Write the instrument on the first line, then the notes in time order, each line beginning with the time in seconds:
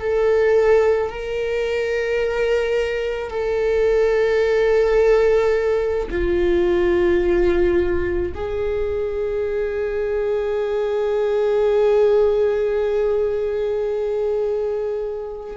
viola
0.00 A4
1.10 A#4
3.30 A4
6.11 F4
8.34 G#4